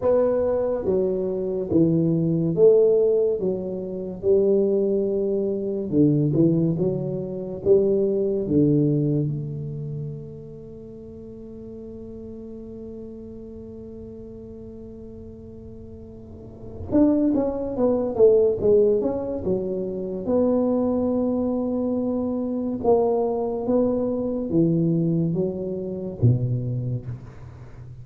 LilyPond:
\new Staff \with { instrumentName = "tuba" } { \time 4/4 \tempo 4 = 71 b4 fis4 e4 a4 | fis4 g2 d8 e8 | fis4 g4 d4 a4~ | a1~ |
a1 | d'8 cis'8 b8 a8 gis8 cis'8 fis4 | b2. ais4 | b4 e4 fis4 b,4 | }